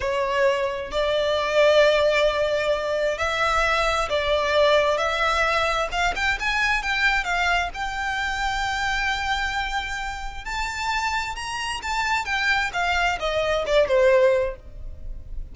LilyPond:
\new Staff \with { instrumentName = "violin" } { \time 4/4 \tempo 4 = 132 cis''2 d''2~ | d''2. e''4~ | e''4 d''2 e''4~ | e''4 f''8 g''8 gis''4 g''4 |
f''4 g''2.~ | g''2. a''4~ | a''4 ais''4 a''4 g''4 | f''4 dis''4 d''8 c''4. | }